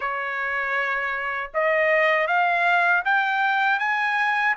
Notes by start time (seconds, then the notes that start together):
0.00 C#5
1.54 D#5
2.27 F5
3.04 G5
3.79 G#5